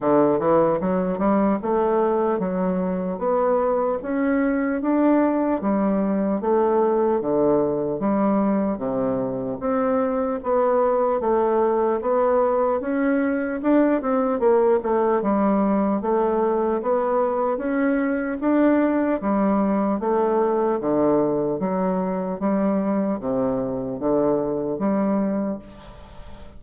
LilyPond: \new Staff \with { instrumentName = "bassoon" } { \time 4/4 \tempo 4 = 75 d8 e8 fis8 g8 a4 fis4 | b4 cis'4 d'4 g4 | a4 d4 g4 c4 | c'4 b4 a4 b4 |
cis'4 d'8 c'8 ais8 a8 g4 | a4 b4 cis'4 d'4 | g4 a4 d4 fis4 | g4 c4 d4 g4 | }